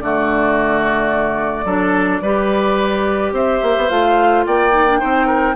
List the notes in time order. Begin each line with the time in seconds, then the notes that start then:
0.00 D3 A3 F#4 D5
1.65 F#3 D4 A4
2.22 G3 G4 B4
3.32 C4 C5 E5
3.63 A#3
3.77 B3
3.89 A3 F4 F5
4.46 A#3 D5 G5
4.72 D#4
4.88 D4
4.99 C4 D#4 C5
5.27 A#4